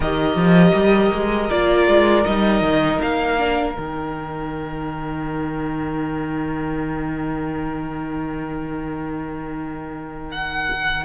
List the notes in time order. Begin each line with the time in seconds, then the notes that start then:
0.00 D#3 G4 A#4 D#5
0.35 F3
0.74 G3
1.12 G#3
1.50 A#3 F4 D5
1.87 G#3
2.25 G3 D#4 D#5
2.61 D#3
3.01 A#3 F5
3.38 D4
3.73 D#3 D#4 G5
10.31 F#5